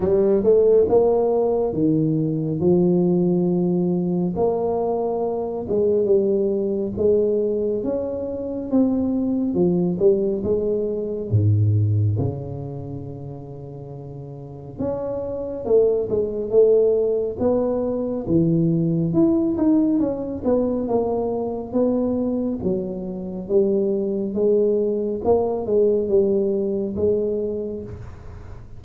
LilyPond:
\new Staff \with { instrumentName = "tuba" } { \time 4/4 \tempo 4 = 69 g8 a8 ais4 dis4 f4~ | f4 ais4. gis8 g4 | gis4 cis'4 c'4 f8 g8 | gis4 gis,4 cis2~ |
cis4 cis'4 a8 gis8 a4 | b4 e4 e'8 dis'8 cis'8 b8 | ais4 b4 fis4 g4 | gis4 ais8 gis8 g4 gis4 | }